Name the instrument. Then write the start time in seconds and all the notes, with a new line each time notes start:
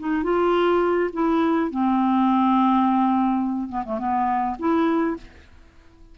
clarinet
0.00 D#4
0.24 F4
1.14 E4
1.71 C4
3.69 B3
3.85 A3
3.99 B3
4.60 E4